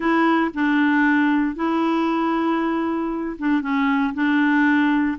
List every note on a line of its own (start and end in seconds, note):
0.00 0.51 E4
0.53 1.55 D4
1.55 3.36 E4
3.39 3.61 D4
3.61 4.13 C#4
4.14 5.17 D4